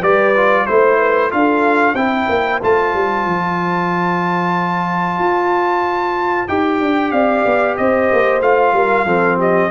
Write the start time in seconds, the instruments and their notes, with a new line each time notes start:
0.00 tuba G3, trombone G4, horn B4, trumpet D5
0.36 trombone F4
0.66 tuba A3, trombone E4, trumpet C5, horn C5
0.98 horn B4
1.30 tuba D4, trombone F4, horn A4, trumpet F5
1.94 tuba C4, trombone E4, horn C5, trumpet G5
2.28 tuba A#3
2.62 tuba A3, trombone F4, trumpet A5
2.94 tuba G3
3.26 tuba F3
5.19 tuba F4
6.48 tuba D#4, trombone G4, trumpet G5
6.80 tuba D4
7.11 tuba C4, horn D5, trumpet F5
7.45 tuba B3
7.76 tuba C4, horn C5, trumpet D#5
8.12 tuba A#3
8.41 tuba A3, trombone F4, trumpet F5
8.73 tuba G3, horn A#4
9.05 tuba F3, trombone C4, horn A4
9.37 horn G4, trumpet D#5